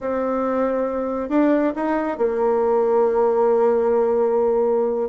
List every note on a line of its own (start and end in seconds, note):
0.00 1.29 C4
1.29 1.73 D4
1.75 2.17 D#4
2.17 5.09 A#3